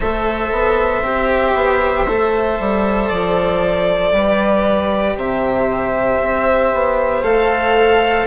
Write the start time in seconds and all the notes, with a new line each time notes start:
0.00 A3 A4 C5 E5
0.51 B3
1.02 C4 G4
1.54 B3
2.07 A3 A4
2.59 G3
3.09 F3 D5
4.11 G3 G4 B4
5.16 C3 C5 E5
6.21 C4
6.73 B3
7.23 A3 A4 F5